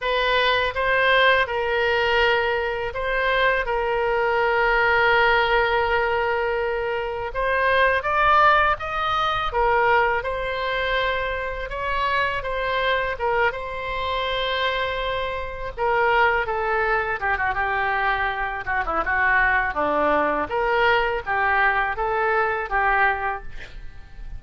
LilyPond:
\new Staff \with { instrumentName = "oboe" } { \time 4/4 \tempo 4 = 82 b'4 c''4 ais'2 | c''4 ais'2.~ | ais'2 c''4 d''4 | dis''4 ais'4 c''2 |
cis''4 c''4 ais'8 c''4.~ | c''4. ais'4 a'4 g'16 fis'16 | g'4. fis'16 e'16 fis'4 d'4 | ais'4 g'4 a'4 g'4 | }